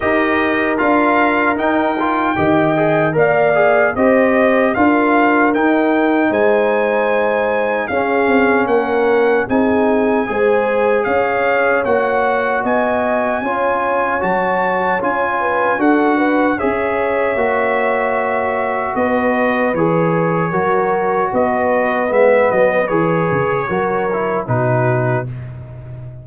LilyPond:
<<
  \new Staff \with { instrumentName = "trumpet" } { \time 4/4 \tempo 4 = 76 dis''4 f''4 g''2 | f''4 dis''4 f''4 g''4 | gis''2 f''4 fis''4 | gis''2 f''4 fis''4 |
gis''2 a''4 gis''4 | fis''4 e''2. | dis''4 cis''2 dis''4 | e''8 dis''8 cis''2 b'4 | }
  \new Staff \with { instrumentName = "horn" } { \time 4/4 ais'2. dis''4 | d''4 c''4 ais'2 | c''2 gis'4 ais'4 | gis'4 c''4 cis''2 |
dis''4 cis''2~ cis''8 b'8 | a'8 b'8 cis''2. | b'2 ais'4 b'4~ | b'2 ais'4 fis'4 | }
  \new Staff \with { instrumentName = "trombone" } { \time 4/4 g'4 f'4 dis'8 f'8 g'8 gis'8 | ais'8 gis'8 g'4 f'4 dis'4~ | dis'2 cis'2 | dis'4 gis'2 fis'4~ |
fis'4 f'4 fis'4 f'4 | fis'4 gis'4 fis'2~ | fis'4 gis'4 fis'2 | b4 gis'4 fis'8 e'8 dis'4 | }
  \new Staff \with { instrumentName = "tuba" } { \time 4/4 dis'4 d'4 dis'4 dis4 | ais4 c'4 d'4 dis'4 | gis2 cis'8 c'8 ais4 | c'4 gis4 cis'4 ais4 |
b4 cis'4 fis4 cis'4 | d'4 cis'4 ais2 | b4 e4 fis4 b4 | gis8 fis8 e8 cis8 fis4 b,4 | }
>>